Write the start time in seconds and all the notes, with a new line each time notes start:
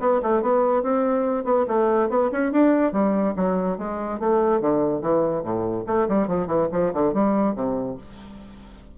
0.00 B3
0.23 A3
0.42 B3
0.83 C4
1.45 B3
1.67 A3
2.09 B3
2.32 C#4
2.52 D4
2.93 G3
3.36 F#3
3.78 G#3
4.20 A3
4.61 D3
5.02 E3
5.43 A2
5.87 A3
6.08 G3
6.27 F3
6.47 E3
6.72 F3
6.94 D3
7.13 G3
7.55 C3